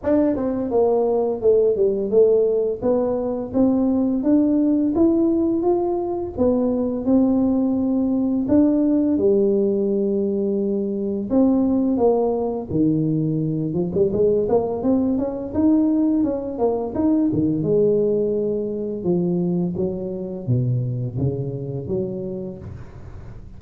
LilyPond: \new Staff \with { instrumentName = "tuba" } { \time 4/4 \tempo 4 = 85 d'8 c'8 ais4 a8 g8 a4 | b4 c'4 d'4 e'4 | f'4 b4 c'2 | d'4 g2. |
c'4 ais4 dis4. f16 g16 | gis8 ais8 c'8 cis'8 dis'4 cis'8 ais8 | dis'8 dis8 gis2 f4 | fis4 b,4 cis4 fis4 | }